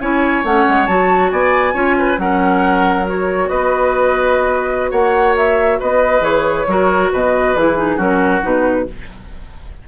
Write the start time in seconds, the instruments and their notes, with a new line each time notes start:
0.00 bassoon C#4, clarinet E4, oboe C#5, flute G#5
0.43 bassoon A3, clarinet C#4, flute F#5
0.69 bassoon G#3
0.86 bassoon F#3, clarinet F#4, flute A5
1.30 bassoon B3, oboe D5, flute G#5
1.74 bassoon C#4, clarinet F4, oboe C#5
1.98 oboe B4
2.18 bassoon F#3, clarinet C#4, oboe A#4, flute F#5
3.05 clarinet F#4, flute C#5
3.48 bassoon B3, oboe B4, flute D#5
4.91 bassoon A#3, oboe C#5, flute F#5
5.37 flute E5
5.79 bassoon B3, oboe B4, flute D#5
6.20 bassoon E3, clarinet G#4, flute C#5
6.67 bassoon F#3, clarinet F#4, oboe A#4
7.12 bassoon B2, oboe B4, flute D#5
7.56 bassoon E3, clarinet E4, flute G#4
7.77 clarinet D#4
7.96 bassoon F#3, clarinet C#4, oboe F#4, flute A#4
8.42 bassoon B2, clarinet D#4, flute B4